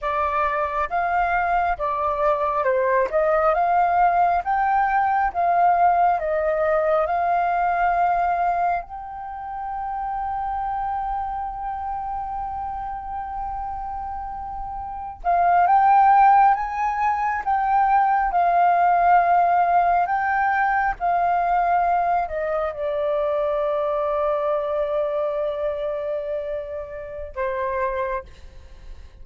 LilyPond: \new Staff \with { instrumentName = "flute" } { \time 4/4 \tempo 4 = 68 d''4 f''4 d''4 c''8 dis''8 | f''4 g''4 f''4 dis''4 | f''2 g''2~ | g''1~ |
g''4~ g''16 f''8 g''4 gis''4 g''16~ | g''8. f''2 g''4 f''16~ | f''4~ f''16 dis''8 d''2~ d''16~ | d''2. c''4 | }